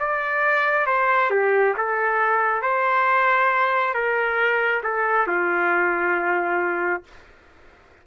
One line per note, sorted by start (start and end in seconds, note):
0.00 0.87 D5
0.87 1.31 C5
1.31 1.75 G4
1.78 2.62 A4
2.62 3.94 C5
3.94 4.82 A#4
4.84 5.28 A4
5.28 7.04 F4